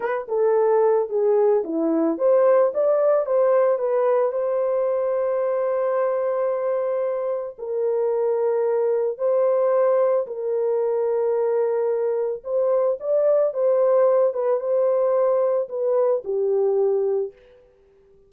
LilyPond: \new Staff \with { instrumentName = "horn" } { \time 4/4 \tempo 4 = 111 b'8 a'4. gis'4 e'4 | c''4 d''4 c''4 b'4 | c''1~ | c''2 ais'2~ |
ais'4 c''2 ais'4~ | ais'2. c''4 | d''4 c''4. b'8 c''4~ | c''4 b'4 g'2 | }